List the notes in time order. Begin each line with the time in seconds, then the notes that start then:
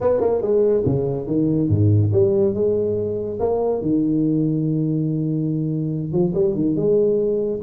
0.01 B3
0.20 A#3
0.41 G#3
0.85 C#3
1.26 D#3
1.69 G#2
2.12 G3
2.54 G#3
3.39 A#3
3.81 D#3
6.12 F3
6.34 G3
6.55 D#3
6.76 G#3